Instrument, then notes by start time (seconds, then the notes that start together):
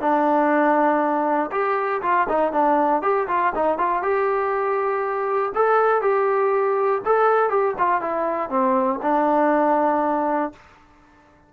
trombone
0.00 D4
1.51 G4
2.02 F4
2.28 D#4
2.52 D4
3.02 G4
3.27 F4
3.55 D#4
3.78 F4
4.02 G4
5.54 A4
6.01 G4
7.05 A4
7.49 G4
7.78 F4
8.01 E4
8.49 C4
9.02 D4